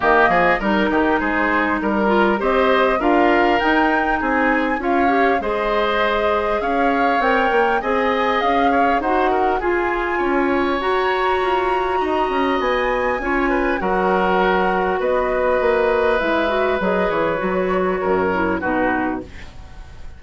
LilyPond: <<
  \new Staff \with { instrumentName = "flute" } { \time 4/4 \tempo 4 = 100 dis''4 ais'4 c''4 ais'4 | dis''4 f''4 g''4 gis''4 | f''4 dis''2 f''4 | g''4 gis''4 f''4 fis''4 |
gis''2 ais''2~ | ais''4 gis''2 fis''4~ | fis''4 dis''2 e''4 | dis''8 cis''2~ cis''8 b'4 | }
  \new Staff \with { instrumentName = "oboe" } { \time 4/4 g'8 gis'8 ais'8 g'8 gis'4 ais'4 | c''4 ais'2 gis'4 | cis''4 c''2 cis''4~ | cis''4 dis''4. cis''8 c''8 ais'8 |
gis'4 cis''2. | dis''2 cis''8 b'8 ais'4~ | ais'4 b'2.~ | b'2 ais'4 fis'4 | }
  \new Staff \with { instrumentName = "clarinet" } { \time 4/4 ais4 dis'2~ dis'8 f'8 | g'4 f'4 dis'2 | f'8 g'8 gis'2. | ais'4 gis'2 fis'4 |
f'2 fis'2~ | fis'2 f'4 fis'4~ | fis'2. e'8 fis'8 | gis'4 fis'4. e'8 dis'4 | }
  \new Staff \with { instrumentName = "bassoon" } { \time 4/4 dis8 f8 g8 dis8 gis4 g4 | c'4 d'4 dis'4 c'4 | cis'4 gis2 cis'4 | c'8 ais8 c'4 cis'4 dis'4 |
f'4 cis'4 fis'4 f'4 | dis'8 cis'8 b4 cis'4 fis4~ | fis4 b4 ais4 gis4 | fis8 e8 fis4 fis,4 b,4 | }
>>